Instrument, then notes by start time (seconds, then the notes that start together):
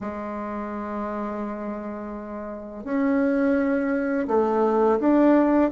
bassoon
0.00 G#3
2.84 C#4
4.27 A3
4.99 D4